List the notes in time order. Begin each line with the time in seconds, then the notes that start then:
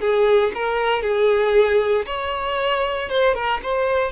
0.00 G#4
0.54 A#4
1.02 G#4
2.05 C#5
3.09 C5
3.34 A#4
3.62 C5